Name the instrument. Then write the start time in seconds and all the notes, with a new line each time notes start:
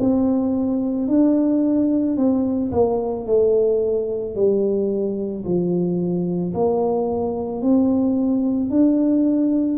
tuba
0.00 C4
1.08 D4
2.17 C4
2.72 A#3
3.26 A3
4.35 G3
5.45 F3
6.54 A#3
7.62 C4
8.70 D4